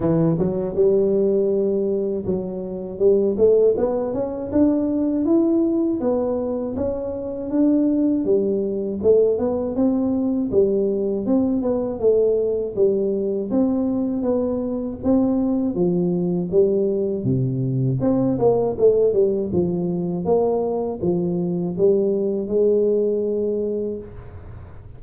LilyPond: \new Staff \with { instrumentName = "tuba" } { \time 4/4 \tempo 4 = 80 e8 fis8 g2 fis4 | g8 a8 b8 cis'8 d'4 e'4 | b4 cis'4 d'4 g4 | a8 b8 c'4 g4 c'8 b8 |
a4 g4 c'4 b4 | c'4 f4 g4 c4 | c'8 ais8 a8 g8 f4 ais4 | f4 g4 gis2 | }